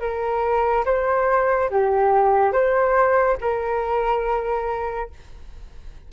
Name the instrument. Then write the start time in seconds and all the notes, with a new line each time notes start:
flute
0.00 A#4
0.85 C5
1.70 G4
2.52 C5
3.41 A#4